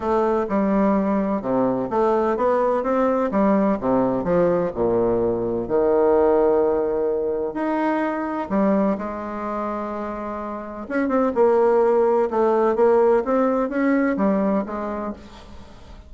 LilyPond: \new Staff \with { instrumentName = "bassoon" } { \time 4/4 \tempo 4 = 127 a4 g2 c4 | a4 b4 c'4 g4 | c4 f4 ais,2 | dis1 |
dis'2 g4 gis4~ | gis2. cis'8 c'8 | ais2 a4 ais4 | c'4 cis'4 g4 gis4 | }